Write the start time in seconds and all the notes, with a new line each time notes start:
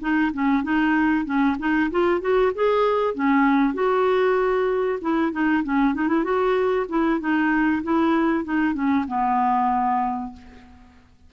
0.00 D#4
0.33 C#4
0.63 D#4
1.25 C#4
1.59 D#4
1.90 F4
2.21 F#4
2.55 G#4
3.14 C#4
3.74 F#4
5.01 E4
5.32 D#4
5.63 C#4
5.94 D#4
6.08 E4
6.24 F#4
6.89 E4
7.20 D#4
7.83 E4
8.44 D#4
8.74 C#4
9.07 B3